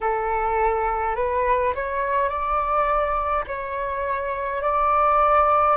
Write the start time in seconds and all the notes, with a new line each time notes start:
0.00 A4
1.15 B4
1.75 C#5
2.29 D5
3.47 C#5
4.62 D5